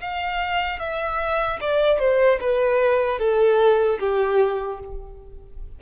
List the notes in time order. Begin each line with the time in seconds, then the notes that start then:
0.00 F5
0.79 E5
1.61 D5
1.99 C5
2.40 B4
3.19 A4
3.99 G4